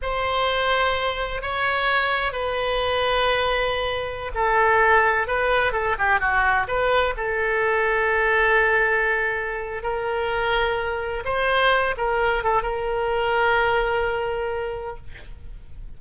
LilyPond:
\new Staff \with { instrumentName = "oboe" } { \time 4/4 \tempo 4 = 128 c''2. cis''4~ | cis''4 b'2.~ | b'4~ b'16 a'2 b'8.~ | b'16 a'8 g'8 fis'4 b'4 a'8.~ |
a'1~ | a'4 ais'2. | c''4. ais'4 a'8 ais'4~ | ais'1 | }